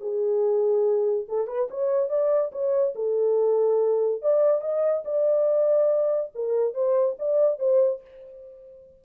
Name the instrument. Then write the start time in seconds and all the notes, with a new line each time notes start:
horn
0.00 G#4
1.28 A4
1.47 B4
1.70 C#5
2.09 D5
2.52 C#5
2.95 A4
4.22 D5
4.61 D#5
5.04 D5
6.34 A#4
6.74 C5
7.19 D5
7.59 C5